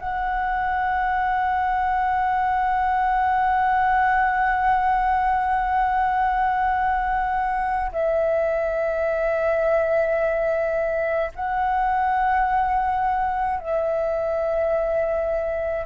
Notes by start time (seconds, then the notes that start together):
0.00 F#5
7.92 E5
11.36 F#5
13.60 E5